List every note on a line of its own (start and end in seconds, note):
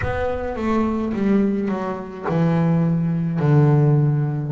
0.01 0.56 B3
0.56 1.12 A3
1.13 1.68 G3
1.68 2.25 F#3
2.28 3.39 E3
3.39 4.52 D3